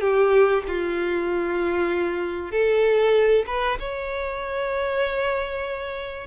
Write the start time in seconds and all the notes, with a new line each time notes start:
0.00 G4
0.67 F4
2.51 A4
3.46 B4
3.79 C#5